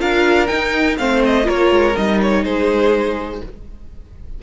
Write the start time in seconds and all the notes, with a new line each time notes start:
0.00 D4 F4 A#4 F5
0.48 D#4 G5
0.98 A3 C4 C5 F5
1.26 D#5
1.44 A#3 F4 A#4 C#5
1.72 G#3
1.97 G3 D#4 D#5
2.22 C#5
2.43 G#3 G#4 C5